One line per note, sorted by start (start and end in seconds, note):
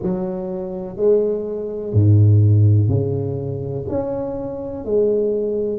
0.02 0.96 F#3
0.96 1.93 G#3
1.93 2.88 G#2
2.88 3.85 C#3
3.88 4.84 C#4
4.84 5.78 G#3